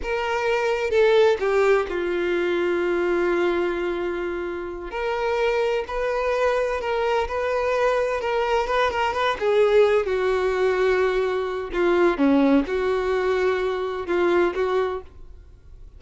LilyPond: \new Staff \with { instrumentName = "violin" } { \time 4/4 \tempo 4 = 128 ais'2 a'4 g'4 | f'1~ | f'2~ f'8 ais'4.~ | ais'8 b'2 ais'4 b'8~ |
b'4. ais'4 b'8 ais'8 b'8 | gis'4. fis'2~ fis'8~ | fis'4 f'4 cis'4 fis'4~ | fis'2 f'4 fis'4 | }